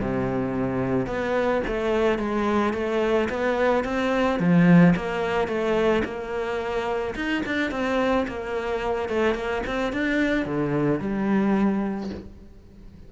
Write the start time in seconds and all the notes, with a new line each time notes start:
0.00 C3
1.06 B3
1.67 A3
2.18 G#3
2.73 A3
3.29 B3
3.84 C4
4.39 F3
4.96 A#3
5.47 A3
6.04 A#3
7.15 D#4
7.46 D4
7.71 C4
8.27 A#3
9.09 A3
9.34 A#3
9.66 C4
9.92 D4
10.45 D3
11.00 G3